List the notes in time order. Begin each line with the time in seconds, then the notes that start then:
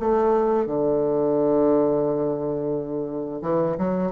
0.00 A3
0.66 D3
3.42 E3
3.78 F#3